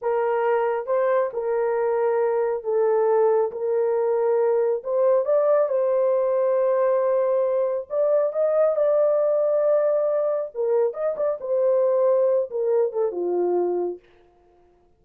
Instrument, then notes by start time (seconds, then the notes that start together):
horn
0.01 A#4
0.86 C5
1.33 A#4
2.63 A4
3.51 A#4
4.83 C5
5.25 D5
5.68 C5
7.89 D5
8.32 D#5
8.76 D5
10.54 A#4
10.93 D#5
11.16 D5
11.40 C5
12.50 A#4
12.92 A4
13.11 F4